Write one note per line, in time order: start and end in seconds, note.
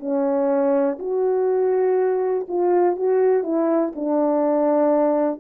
0.00 0.98 C#4
0.99 2.46 F#4
2.48 2.96 F4
2.96 3.43 F#4
3.43 3.92 E4
3.95 5.40 D4